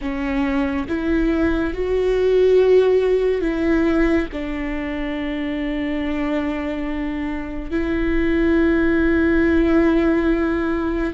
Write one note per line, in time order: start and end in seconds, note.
0.01 0.86 C#4
0.88 1.73 E4
1.73 3.41 F#4
3.41 4.26 E4
4.32 7.71 D4
7.71 11.14 E4